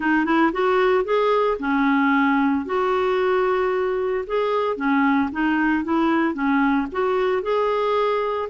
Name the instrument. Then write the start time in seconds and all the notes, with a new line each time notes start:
clarinet
0.00 D#4
0.25 E4
0.52 F#4
1.04 G#4
1.59 C#4
2.65 F#4
4.26 G#4
4.76 C#4
5.32 D#4
5.84 E4
6.33 C#4
6.92 F#4
7.42 G#4